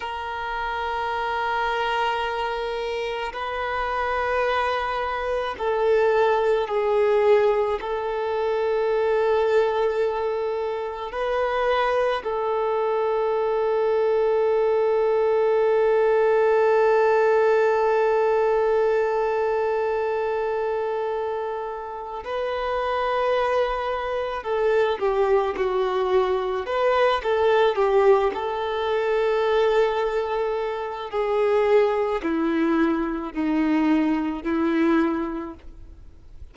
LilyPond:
\new Staff \with { instrumentName = "violin" } { \time 4/4 \tempo 4 = 54 ais'2. b'4~ | b'4 a'4 gis'4 a'4~ | a'2 b'4 a'4~ | a'1~ |
a'1 | b'2 a'8 g'8 fis'4 | b'8 a'8 g'8 a'2~ a'8 | gis'4 e'4 dis'4 e'4 | }